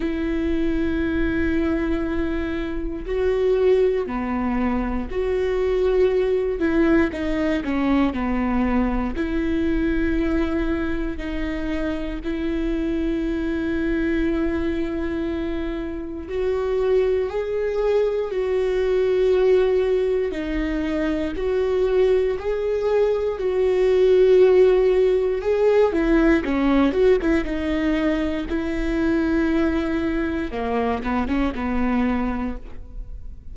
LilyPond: \new Staff \with { instrumentName = "viola" } { \time 4/4 \tempo 4 = 59 e'2. fis'4 | b4 fis'4. e'8 dis'8 cis'8 | b4 e'2 dis'4 | e'1 |
fis'4 gis'4 fis'2 | dis'4 fis'4 gis'4 fis'4~ | fis'4 gis'8 e'8 cis'8 fis'16 e'16 dis'4 | e'2 ais8 b16 cis'16 b4 | }